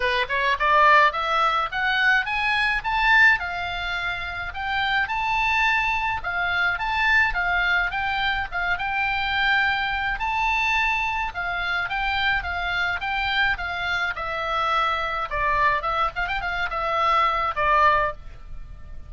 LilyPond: \new Staff \with { instrumentName = "oboe" } { \time 4/4 \tempo 4 = 106 b'8 cis''8 d''4 e''4 fis''4 | gis''4 a''4 f''2 | g''4 a''2 f''4 | a''4 f''4 g''4 f''8 g''8~ |
g''2 a''2 | f''4 g''4 f''4 g''4 | f''4 e''2 d''4 | e''8 f''16 g''16 f''8 e''4. d''4 | }